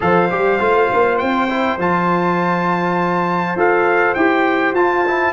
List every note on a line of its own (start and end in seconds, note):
0.00 0.31 F3
0.00 0.28 A4
0.00 5.33 C5
0.00 1.18 F5
0.30 0.59 G3
0.30 0.59 G4
0.59 0.89 A3
0.59 1.48 F4
0.93 1.21 A#3
1.18 1.77 C4
1.18 1.77 G5
1.49 1.78 E4
1.77 3.56 F3
1.77 3.56 F4
1.77 3.59 A5
3.56 4.15 F4
3.56 4.16 A4
3.56 4.14 F5
4.14 4.72 E4
4.14 4.75 G4
4.14 4.73 G5
4.72 5.32 F4
4.72 5.05 F4
4.72 5.33 A5
5.06 5.33 E4